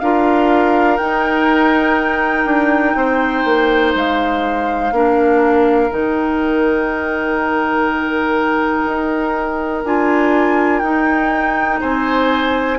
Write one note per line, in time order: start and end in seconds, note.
0.00 0.99 D4
0.00 0.99 F4
0.00 2.97 A#4
0.00 0.98 F5
0.98 4.92 D#4
0.98 2.46 D#4
0.98 3.93 G5
2.46 2.95 D4
2.95 3.44 C4
2.95 4.94 C5
3.45 3.94 A#3
3.95 4.92 G#3
3.95 5.93 F5
4.92 5.90 A#3
4.92 5.90 D4
4.92 11.81 A#4
5.90 8.86 D#3
5.90 9.84 D#4
5.90 9.86 G5
8.86 9.84 D#4
9.84 10.82 D4
9.84 10.83 F4
9.84 10.80 G#5
10.80 11.81 D#4
10.80 12.79 D#4
10.80 11.78 G5
11.81 12.79 C4
11.81 12.79 C5
11.81 12.79 G#5